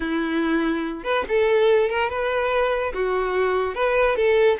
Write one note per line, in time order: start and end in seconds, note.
0.00 1.03 E4
1.03 1.24 B4
1.28 1.89 A4
1.89 2.09 A#4
2.09 2.92 B4
2.93 3.74 F#4
3.74 4.16 B4
4.16 4.57 A4